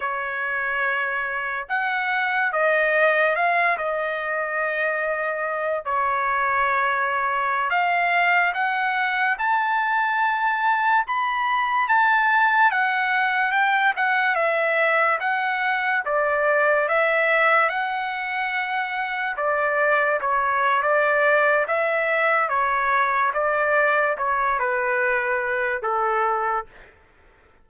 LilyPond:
\new Staff \with { instrumentName = "trumpet" } { \time 4/4 \tempo 4 = 72 cis''2 fis''4 dis''4 | f''8 dis''2~ dis''8 cis''4~ | cis''4~ cis''16 f''4 fis''4 a''8.~ | a''4~ a''16 b''4 a''4 fis''8.~ |
fis''16 g''8 fis''8 e''4 fis''4 d''8.~ | d''16 e''4 fis''2 d''8.~ | d''16 cis''8. d''4 e''4 cis''4 | d''4 cis''8 b'4. a'4 | }